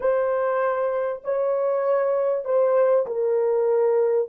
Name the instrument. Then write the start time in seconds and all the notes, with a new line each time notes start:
horn
0.00 C5
1.24 C#5
2.44 C5
3.06 A#4